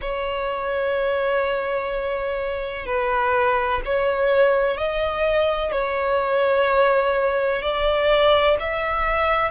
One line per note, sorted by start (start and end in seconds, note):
0.01 2.86 C#5
2.86 3.81 B4
3.85 4.77 C#5
4.77 5.71 D#5
5.71 7.61 C#5
7.61 8.57 D5
8.59 9.51 E5